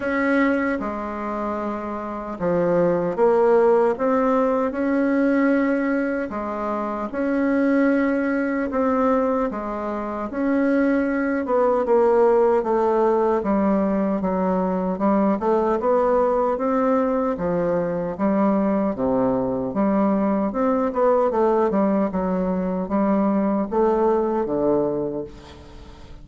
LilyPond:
\new Staff \with { instrumentName = "bassoon" } { \time 4/4 \tempo 4 = 76 cis'4 gis2 f4 | ais4 c'4 cis'2 | gis4 cis'2 c'4 | gis4 cis'4. b8 ais4 |
a4 g4 fis4 g8 a8 | b4 c'4 f4 g4 | c4 g4 c'8 b8 a8 g8 | fis4 g4 a4 d4 | }